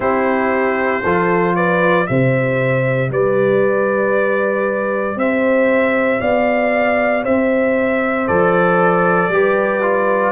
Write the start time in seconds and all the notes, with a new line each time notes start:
0.00 C4 E4 G4 C5
1.03 F3 F4 A4
1.55 B4 D5
2.06 C3 G4 C5 E5
3.10 G3 B4 D5
5.16 C4 C5 E5
6.20 B3 D5 F5
7.23 C4 C5 E5
8.27 F3 A4 D5
9.28 G3 G4 B4
9.82 F4